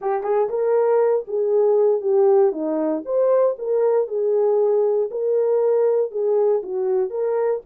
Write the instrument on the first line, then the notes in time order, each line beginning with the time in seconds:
horn
0.01 G4
0.23 G#4
0.49 A#4
1.27 G#4
2.01 G4
2.52 D#4
3.05 C5
3.58 A#4
4.07 G#4
5.11 A#4
6.11 G#4
6.62 F#4
7.10 A#4